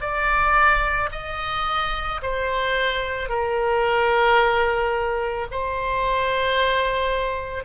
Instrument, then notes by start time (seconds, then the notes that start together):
oboe
0.00 D5
1.12 D#5
2.22 C5
3.29 A#4
5.51 C5